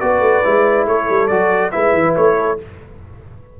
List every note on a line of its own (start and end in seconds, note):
0.00 0.20 B3
0.00 0.43 F#4
0.00 0.88 B4
0.00 0.86 D5
0.20 0.41 A3
0.44 0.86 G#3
0.44 1.29 E4
0.86 1.07 A3
0.86 1.72 A4
0.86 1.27 C#5
1.09 1.31 G3
1.27 1.74 F#3
1.27 1.72 F#4
1.27 1.70 D5
1.71 1.93 G#3
1.71 2.58 E4
1.71 2.36 B4
1.71 2.14 E5
1.93 2.15 E3
2.16 2.60 A3
2.16 2.58 C#5
2.38 2.59 A4